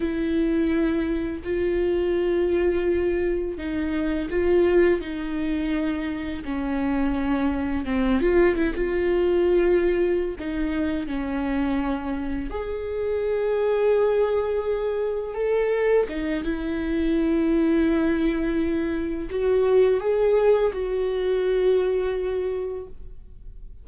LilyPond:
\new Staff \with { instrumentName = "viola" } { \time 4/4 \tempo 4 = 84 e'2 f'2~ | f'4 dis'4 f'4 dis'4~ | dis'4 cis'2 c'8 f'8 | e'16 f'2~ f'16 dis'4 cis'8~ |
cis'4. gis'2~ gis'8~ | gis'4. a'4 dis'8 e'4~ | e'2. fis'4 | gis'4 fis'2. | }